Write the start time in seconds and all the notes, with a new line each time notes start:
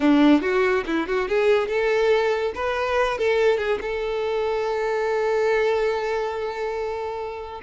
0.00 D4
0.41 F#4
0.86 E4
1.07 F#4
1.28 G#4
1.68 A4
2.54 B4
3.18 A4
3.57 G#4
3.81 A4